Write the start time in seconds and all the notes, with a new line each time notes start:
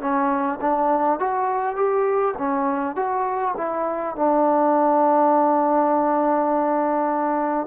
0.00 C#4
0.61 D4
1.20 F#4
1.76 G4
2.37 C#4
2.96 F#4
3.57 E4
4.16 D4